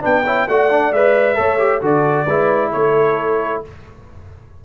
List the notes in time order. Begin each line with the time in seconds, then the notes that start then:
0.00 B3 D4 B4 G5
0.25 E4 C#5
0.47 A3 F#4 D5 F#5
0.70 D4
0.92 G#3 B4 E5
1.35 A3 A4 C#5
1.58 G4
1.81 D3 F#4 A4 D5
2.26 G#3 E4 B4
2.72 A3 A4 C#5